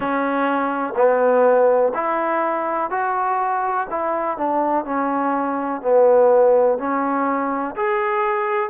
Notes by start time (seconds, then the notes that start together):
0.00 C#4
0.96 B3
1.94 E4
2.90 F#4
3.89 E4
4.37 D4
4.84 C#4
5.81 B3
6.78 C#4
7.76 G#4